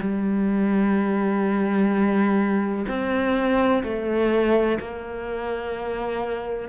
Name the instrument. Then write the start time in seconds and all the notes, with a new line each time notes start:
cello
0.00 G3
2.88 C4
3.84 A3
4.80 A#3